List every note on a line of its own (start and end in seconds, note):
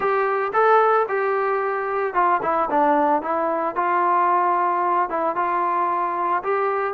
0.00 0.51 G4
0.53 1.06 A4
1.08 2.14 G4
2.14 2.40 F4
2.42 2.69 E4
2.70 3.21 D4
3.21 3.75 E4
3.75 5.09 F4
5.09 5.35 E4
5.35 6.42 F4
6.43 6.94 G4